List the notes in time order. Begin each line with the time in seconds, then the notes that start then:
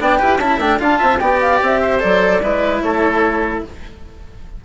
0.00 B3 D4 D5 G5
0.19 E4 G4 B4
0.39 C#4 E4 E5 A5
0.59 A3 D4 G5
0.80 D4 F4 F5 A5
0.99 C4 E5
1.19 B3 G4 D5 G5
1.41 F5
1.62 C4 E5
1.82 C5
2.00 F#3 A4 D5
2.42 G#3 E4 B4
2.81 A3 A4 C#5